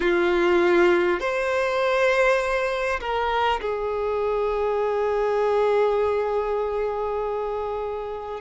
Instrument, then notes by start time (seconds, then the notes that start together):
violin
0.00 F4
1.20 C5
3.00 A#4
3.60 G#4